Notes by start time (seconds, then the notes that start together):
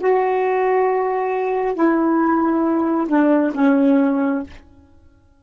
0.00 F#4
1.75 E4
3.08 D4
3.54 C#4